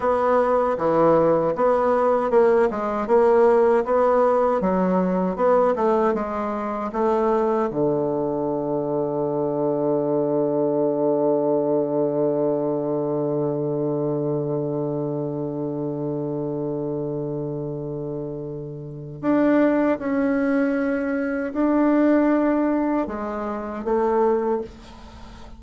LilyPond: \new Staff \with { instrumentName = "bassoon" } { \time 4/4 \tempo 4 = 78 b4 e4 b4 ais8 gis8 | ais4 b4 fis4 b8 a8 | gis4 a4 d2~ | d1~ |
d1~ | d1~ | d4 d'4 cis'2 | d'2 gis4 a4 | }